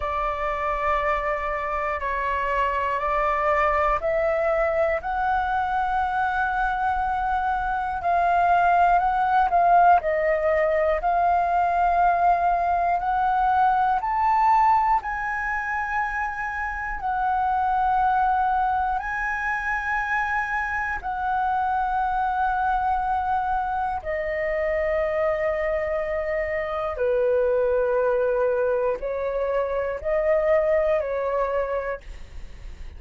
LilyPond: \new Staff \with { instrumentName = "flute" } { \time 4/4 \tempo 4 = 60 d''2 cis''4 d''4 | e''4 fis''2. | f''4 fis''8 f''8 dis''4 f''4~ | f''4 fis''4 a''4 gis''4~ |
gis''4 fis''2 gis''4~ | gis''4 fis''2. | dis''2. b'4~ | b'4 cis''4 dis''4 cis''4 | }